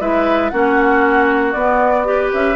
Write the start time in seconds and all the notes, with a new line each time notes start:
0.00 G#3 E4 B4 E5
0.50 A#3 C#4 F#4 F#5
1.52 B3 D5
2.05 G4 B4
2.34 C#4 E5